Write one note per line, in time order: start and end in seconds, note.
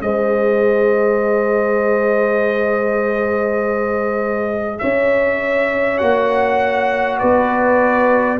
0.00 4.80 G#3
0.00 5.98 G#4
0.00 4.80 C5
0.00 4.79 D#5
4.79 6.01 C#4
4.79 7.19 C#5
4.79 5.98 E5
5.98 7.21 A#3
5.98 8.38 F#4
5.98 7.18 F#5
7.19 8.40 B3
7.19 8.39 B4
7.19 8.38 D5